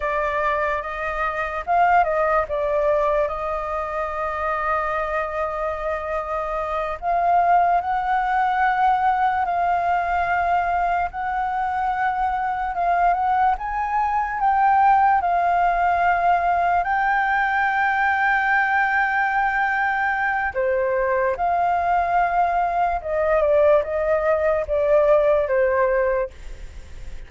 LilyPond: \new Staff \with { instrumentName = "flute" } { \time 4/4 \tempo 4 = 73 d''4 dis''4 f''8 dis''8 d''4 | dis''1~ | dis''8 f''4 fis''2 f''8~ | f''4. fis''2 f''8 |
fis''8 gis''4 g''4 f''4.~ | f''8 g''2.~ g''8~ | g''4 c''4 f''2 | dis''8 d''8 dis''4 d''4 c''4 | }